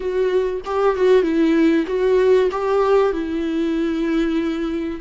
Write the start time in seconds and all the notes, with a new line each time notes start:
0.00 F#4
0.65 G4
0.95 F#4
1.22 E4
1.87 F#4
2.51 G4
3.12 E4